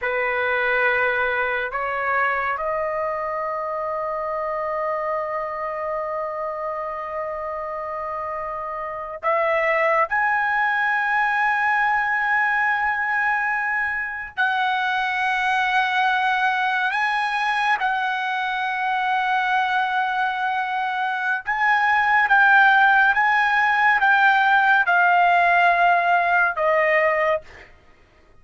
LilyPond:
\new Staff \with { instrumentName = "trumpet" } { \time 4/4 \tempo 4 = 70 b'2 cis''4 dis''4~ | dis''1~ | dis''2~ dis''8. e''4 gis''16~ | gis''1~ |
gis''8. fis''2. gis''16~ | gis''8. fis''2.~ fis''16~ | fis''4 gis''4 g''4 gis''4 | g''4 f''2 dis''4 | }